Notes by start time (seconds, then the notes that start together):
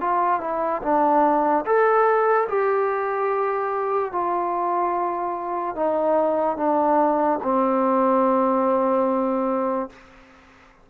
0.00 F4
0.40 E4
0.82 D4
1.65 A4
2.48 G4
4.12 F4
5.75 D#4
6.57 D4
7.43 C4